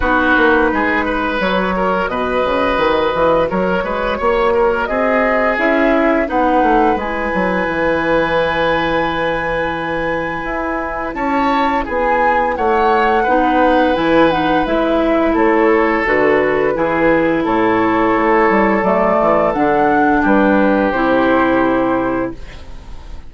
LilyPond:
<<
  \new Staff \with { instrumentName = "flute" } { \time 4/4 \tempo 4 = 86 b'2 cis''4 dis''4~ | dis''4 cis''2 dis''4 | e''4 fis''4 gis''2~ | gis''1 |
a''4 gis''4 fis''2 | gis''8 fis''8 e''4 cis''4 b'4~ | b'4 cis''2 d''4 | fis''4 b'4 c''2 | }
  \new Staff \with { instrumentName = "oboe" } { \time 4/4 fis'4 gis'8 b'4 ais'8 b'4~ | b'4 ais'8 b'8 cis''8 ais'8 gis'4~ | gis'4 b'2.~ | b'1 |
cis''4 gis'4 cis''4 b'4~ | b'2 a'2 | gis'4 a'2.~ | a'4 g'2. | }
  \new Staff \with { instrumentName = "clarinet" } { \time 4/4 dis'2 fis'2~ | fis'1 | e'4 dis'4 e'2~ | e'1~ |
e'2. dis'4 | e'8 dis'8 e'2 fis'4 | e'2. a4 | d'2 e'2 | }
  \new Staff \with { instrumentName = "bassoon" } { \time 4/4 b8 ais8 gis4 fis4 b,8 cis8 | dis8 e8 fis8 gis8 ais4 c'4 | cis'4 b8 a8 gis8 fis8 e4~ | e2. e'4 |
cis'4 b4 a4 b4 | e4 gis4 a4 d4 | e4 a,4 a8 g8 fis8 e8 | d4 g4 c2 | }
>>